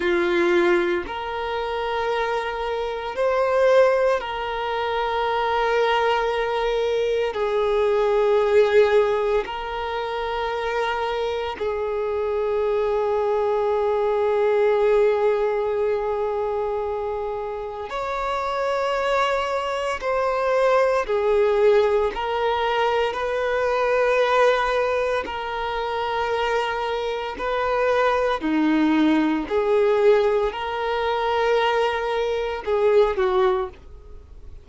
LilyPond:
\new Staff \with { instrumentName = "violin" } { \time 4/4 \tempo 4 = 57 f'4 ais'2 c''4 | ais'2. gis'4~ | gis'4 ais'2 gis'4~ | gis'1~ |
gis'4 cis''2 c''4 | gis'4 ais'4 b'2 | ais'2 b'4 dis'4 | gis'4 ais'2 gis'8 fis'8 | }